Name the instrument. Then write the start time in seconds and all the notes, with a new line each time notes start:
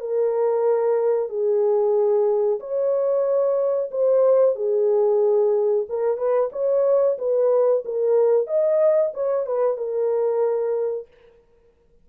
horn
0.00 A#4
1.29 G#4
2.59 C#5
3.91 C5
4.55 G#4
5.89 A#4
6.17 B4
6.52 C#5
7.18 B4
7.85 A#4
8.47 D#5
9.14 C#5
9.46 B4
9.77 A#4